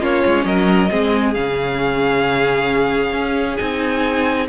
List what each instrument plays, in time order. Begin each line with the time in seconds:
0.00 cello A#3, viola C#4, violin F4 C#5
0.26 cello G#3
0.45 cello F#3, violin A#4 D#5
0.90 cello G#3, viola C4, violin G#4
1.34 cello C#3, viola C#4, violin F5
3.14 cello C#4
3.57 cello C4, viola D#4, violin G#5